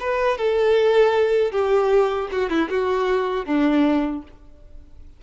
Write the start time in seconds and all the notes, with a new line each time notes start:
0.00 B4
0.38 A4
1.51 G4
2.32 F#4
2.50 E4
2.70 F#4
3.46 D4